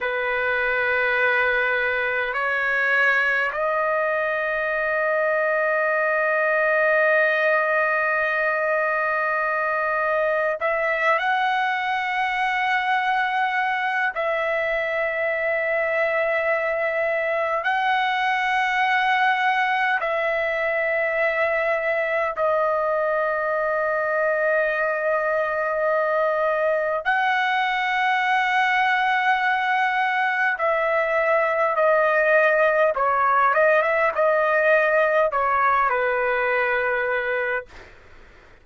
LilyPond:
\new Staff \with { instrumentName = "trumpet" } { \time 4/4 \tempo 4 = 51 b'2 cis''4 dis''4~ | dis''1~ | dis''4 e''8 fis''2~ fis''8 | e''2. fis''4~ |
fis''4 e''2 dis''4~ | dis''2. fis''4~ | fis''2 e''4 dis''4 | cis''8 dis''16 e''16 dis''4 cis''8 b'4. | }